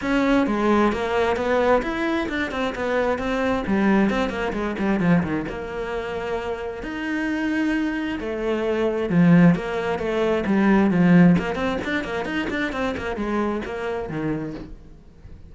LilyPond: \new Staff \with { instrumentName = "cello" } { \time 4/4 \tempo 4 = 132 cis'4 gis4 ais4 b4 | e'4 d'8 c'8 b4 c'4 | g4 c'8 ais8 gis8 g8 f8 dis8 | ais2. dis'4~ |
dis'2 a2 | f4 ais4 a4 g4 | f4 ais8 c'8 d'8 ais8 dis'8 d'8 | c'8 ais8 gis4 ais4 dis4 | }